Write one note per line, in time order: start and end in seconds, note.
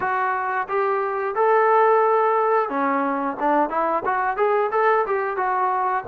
0.00 0.67 F#4
0.68 1.35 G4
1.35 2.69 A4
2.69 3.36 C#4
3.39 3.69 D4
3.69 4.03 E4
4.05 4.36 F#4
4.36 4.70 G#4
4.71 5.05 A4
5.06 5.36 G4
5.36 6.04 F#4